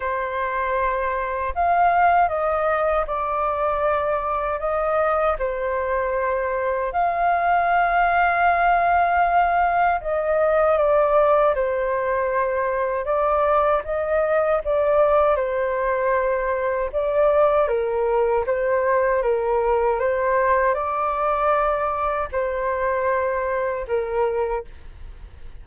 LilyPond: \new Staff \with { instrumentName = "flute" } { \time 4/4 \tempo 4 = 78 c''2 f''4 dis''4 | d''2 dis''4 c''4~ | c''4 f''2.~ | f''4 dis''4 d''4 c''4~ |
c''4 d''4 dis''4 d''4 | c''2 d''4 ais'4 | c''4 ais'4 c''4 d''4~ | d''4 c''2 ais'4 | }